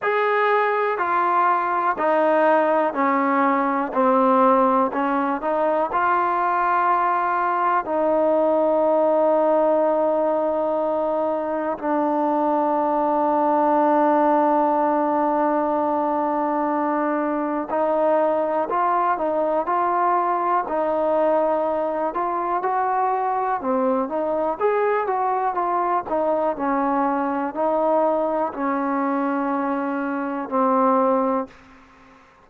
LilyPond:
\new Staff \with { instrumentName = "trombone" } { \time 4/4 \tempo 4 = 61 gis'4 f'4 dis'4 cis'4 | c'4 cis'8 dis'8 f'2 | dis'1 | d'1~ |
d'2 dis'4 f'8 dis'8 | f'4 dis'4. f'8 fis'4 | c'8 dis'8 gis'8 fis'8 f'8 dis'8 cis'4 | dis'4 cis'2 c'4 | }